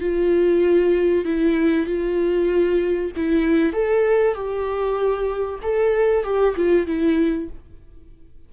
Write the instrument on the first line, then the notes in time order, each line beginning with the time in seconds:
viola
0.00 F4
1.25 E4
1.86 F4
3.16 E4
3.73 A4
4.35 G4
5.62 A4
6.24 G4
6.56 F4
6.87 E4